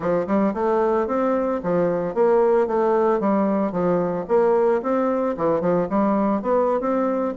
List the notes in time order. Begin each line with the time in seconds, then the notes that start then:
0.00 F3
0.26 G3
0.54 A3
1.07 C4
1.63 F3
2.14 A#3
2.67 A3
3.20 G3
3.72 F3
4.28 A#3
4.82 C4
5.37 E3
5.60 F3
5.89 G3
6.42 B3
6.80 C4